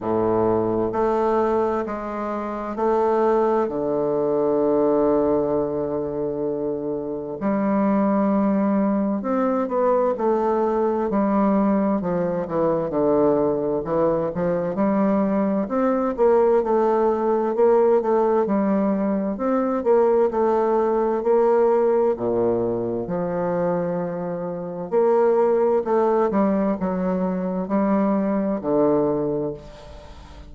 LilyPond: \new Staff \with { instrumentName = "bassoon" } { \time 4/4 \tempo 4 = 65 a,4 a4 gis4 a4 | d1 | g2 c'8 b8 a4 | g4 f8 e8 d4 e8 f8 |
g4 c'8 ais8 a4 ais8 a8 | g4 c'8 ais8 a4 ais4 | ais,4 f2 ais4 | a8 g8 fis4 g4 d4 | }